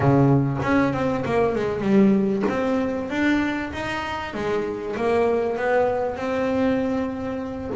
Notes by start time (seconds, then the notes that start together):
0.00 C#3
0.62 C#4
0.93 C4
1.25 A#3
1.55 G#3
1.81 G3
2.49 C4
3.10 D4
3.73 D#4
4.34 G#3
4.96 A#3
5.57 B3
6.15 C4